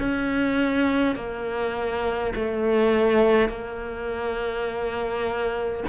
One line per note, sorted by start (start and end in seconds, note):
0.00 1.16 C#4
1.16 2.34 A#3
2.35 3.49 A3
3.49 5.84 A#3